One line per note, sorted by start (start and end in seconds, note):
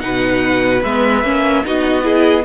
0.00 0.84 B2
0.00 0.81 D#4
0.00 1.65 B4
0.00 0.81 F#5
0.84 1.24 G#3
0.84 1.24 B3
0.84 1.65 E5
1.24 1.64 A#3
1.24 1.65 C#4
1.65 2.45 B3
1.65 2.03 D#4
1.65 2.05 F#4
1.65 2.45 D#5
2.03 2.43 E4
2.03 2.45 G#4